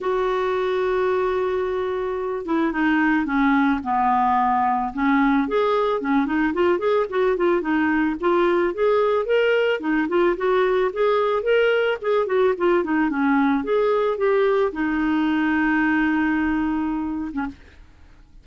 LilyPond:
\new Staff \with { instrumentName = "clarinet" } { \time 4/4 \tempo 4 = 110 fis'1~ | fis'8 e'8 dis'4 cis'4 b4~ | b4 cis'4 gis'4 cis'8 dis'8 | f'8 gis'8 fis'8 f'8 dis'4 f'4 |
gis'4 ais'4 dis'8 f'8 fis'4 | gis'4 ais'4 gis'8 fis'8 f'8 dis'8 | cis'4 gis'4 g'4 dis'4~ | dis'2.~ dis'8. cis'16 | }